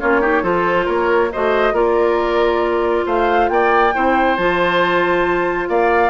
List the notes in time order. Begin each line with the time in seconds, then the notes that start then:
0.00 A#3 C#4 F4 C#5
0.21 D#4 G4
0.42 F3 F4 A4 C5
0.85 A#3 A#4 C#5
1.32 A3 F#4 C5 D#5
1.73 A#3 F4 A#4 D5
3.06 A3 C5 F5
3.49 A#3 D5 G5
3.94 C4 E4 C5
4.36 F3 F4 A5
5.69 A#3 D5 F5